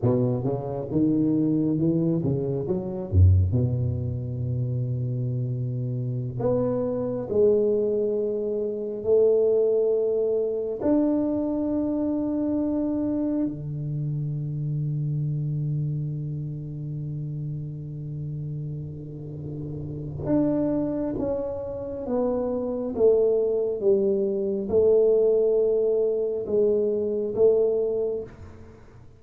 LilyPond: \new Staff \with { instrumentName = "tuba" } { \time 4/4 \tempo 4 = 68 b,8 cis8 dis4 e8 cis8 fis8 fis,8 | b,2.~ b,16 b8.~ | b16 gis2 a4.~ a16~ | a16 d'2. d8.~ |
d1~ | d2. d'4 | cis'4 b4 a4 g4 | a2 gis4 a4 | }